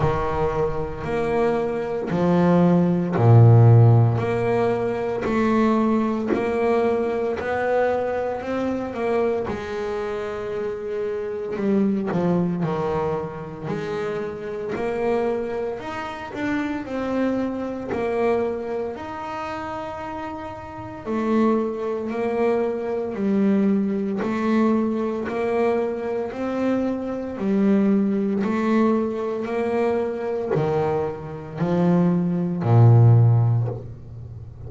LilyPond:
\new Staff \with { instrumentName = "double bass" } { \time 4/4 \tempo 4 = 57 dis4 ais4 f4 ais,4 | ais4 a4 ais4 b4 | c'8 ais8 gis2 g8 f8 | dis4 gis4 ais4 dis'8 d'8 |
c'4 ais4 dis'2 | a4 ais4 g4 a4 | ais4 c'4 g4 a4 | ais4 dis4 f4 ais,4 | }